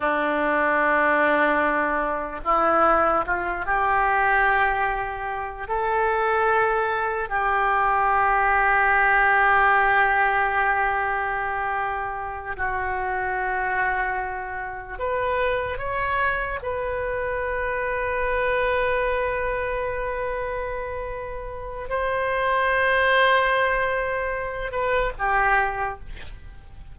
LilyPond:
\new Staff \with { instrumentName = "oboe" } { \time 4/4 \tempo 4 = 74 d'2. e'4 | f'8 g'2~ g'8 a'4~ | a'4 g'2.~ | g'2.~ g'8 fis'8~ |
fis'2~ fis'8 b'4 cis''8~ | cis''8 b'2.~ b'8~ | b'2. c''4~ | c''2~ c''8 b'8 g'4 | }